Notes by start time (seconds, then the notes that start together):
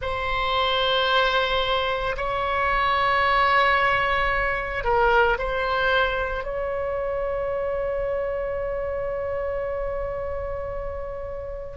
0.01 C5
2.17 C#5
4.84 A#4
5.38 C5
6.43 C#5